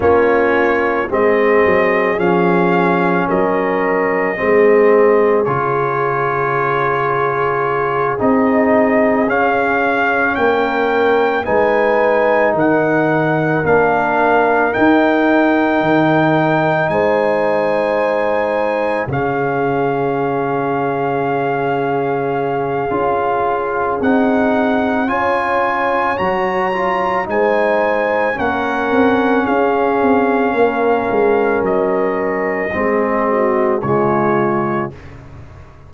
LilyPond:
<<
  \new Staff \with { instrumentName = "trumpet" } { \time 4/4 \tempo 4 = 55 cis''4 dis''4 f''4 dis''4~ | dis''4 cis''2~ cis''8 dis''8~ | dis''8 f''4 g''4 gis''4 fis''8~ | fis''8 f''4 g''2 gis''8~ |
gis''4. f''2~ f''8~ | f''2 fis''4 gis''4 | ais''4 gis''4 fis''4 f''4~ | f''4 dis''2 cis''4 | }
  \new Staff \with { instrumentName = "horn" } { \time 4/4 f'4 gis'2 ais'4 | gis'1~ | gis'4. ais'4 b'4 ais'8~ | ais'2.~ ais'8 c''8~ |
c''4. gis'2~ gis'8~ | gis'2. cis''4~ | cis''4 c''4 ais'4 gis'4 | ais'2 gis'8 fis'8 f'4 | }
  \new Staff \with { instrumentName = "trombone" } { \time 4/4 cis'4 c'4 cis'2 | c'4 f'2~ f'8 dis'8~ | dis'8 cis'2 dis'4.~ | dis'8 d'4 dis'2~ dis'8~ |
dis'4. cis'2~ cis'8~ | cis'4 f'4 dis'4 f'4 | fis'8 f'8 dis'4 cis'2~ | cis'2 c'4 gis4 | }
  \new Staff \with { instrumentName = "tuba" } { \time 4/4 ais4 gis8 fis8 f4 fis4 | gis4 cis2~ cis8 c'8~ | c'8 cis'4 ais4 gis4 dis8~ | dis8 ais4 dis'4 dis4 gis8~ |
gis4. cis2~ cis8~ | cis4 cis'4 c'4 cis'4 | fis4 gis4 ais8 c'8 cis'8 c'8 | ais8 gis8 fis4 gis4 cis4 | }
>>